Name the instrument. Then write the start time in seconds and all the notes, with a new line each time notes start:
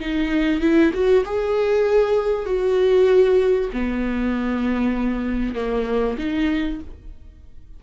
viola
0.00 D#4
0.60 E4
0.93 F#4
1.25 G#4
2.46 F#4
3.73 B3
5.55 A#3
6.18 D#4